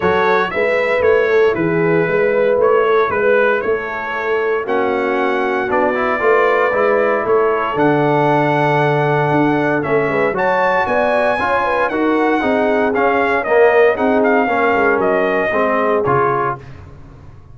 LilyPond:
<<
  \new Staff \with { instrumentName = "trumpet" } { \time 4/4 \tempo 4 = 116 cis''4 e''4 cis''4 b'4~ | b'4 cis''4 b'4 cis''4~ | cis''4 fis''2 d''4~ | d''2 cis''4 fis''4~ |
fis''2. e''4 | a''4 gis''2 fis''4~ | fis''4 f''4 dis''4 fis''8 f''8~ | f''4 dis''2 cis''4 | }
  \new Staff \with { instrumentName = "horn" } { \time 4/4 a'4 b'4. a'8 gis'4 | b'4. a'8 b'4 a'4~ | a'4 fis'2. | b'2 a'2~ |
a'2.~ a'8 b'8 | cis''4 d''4 cis''8 b'8 ais'4 | gis'2 ais'4 gis'4 | ais'2 gis'2 | }
  \new Staff \with { instrumentName = "trombone" } { \time 4/4 fis'4 e'2.~ | e'1~ | e'4 cis'2 d'8 e'8 | f'4 e'2 d'4~ |
d'2. cis'4 | fis'2 f'4 fis'4 | dis'4 cis'4 ais4 dis'4 | cis'2 c'4 f'4 | }
  \new Staff \with { instrumentName = "tuba" } { \time 4/4 fis4 gis4 a4 e4 | gis4 a4 gis4 a4~ | a4 ais2 b4 | a4 gis4 a4 d4~ |
d2 d'4 a8 gis8 | fis4 b4 cis'4 dis'4 | c'4 cis'2 c'4 | ais8 gis8 fis4 gis4 cis4 | }
>>